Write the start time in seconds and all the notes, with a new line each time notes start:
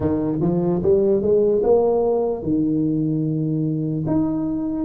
0.00 D#3
0.41 F3
0.82 G3
1.22 G#3
1.63 A#3
2.43 D#3
4.07 D#4